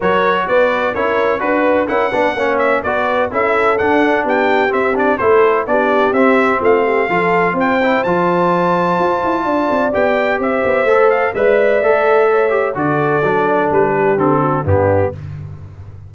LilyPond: <<
  \new Staff \with { instrumentName = "trumpet" } { \time 4/4 \tempo 4 = 127 cis''4 d''4 cis''4 b'4 | fis''4. e''8 d''4 e''4 | fis''4 g''4 e''8 d''8 c''4 | d''4 e''4 f''2 |
g''4 a''2.~ | a''4 g''4 e''4. f''8 | e''2. d''4~ | d''4 b'4 a'4 g'4 | }
  \new Staff \with { instrumentName = "horn" } { \time 4/4 ais'4 b'4 ais'4 b'4 | ais'8 b'8 cis''4 b'4 a'4~ | a'4 g'2 a'4 | g'2 f'8 g'8 a'4 |
c''1 | d''2 c''2 | d''2 cis''4 a'4~ | a'4. g'4 fis'8 d'4 | }
  \new Staff \with { instrumentName = "trombone" } { \time 4/4 fis'2 e'4 fis'4 | e'8 d'8 cis'4 fis'4 e'4 | d'2 c'8 d'8 e'4 | d'4 c'2 f'4~ |
f'8 e'8 f'2.~ | f'4 g'2 a'4 | b'4 a'4. g'8 fis'4 | d'2 c'4 b4 | }
  \new Staff \with { instrumentName = "tuba" } { \time 4/4 fis4 b4 cis'4 d'4 | cis'8 b8 ais4 b4 cis'4 | d'4 b4 c'4 a4 | b4 c'4 a4 f4 |
c'4 f2 f'8 e'8 | d'8 c'8 b4 c'8 b8 a4 | gis4 a2 d4 | fis4 g4 d4 g,4 | }
>>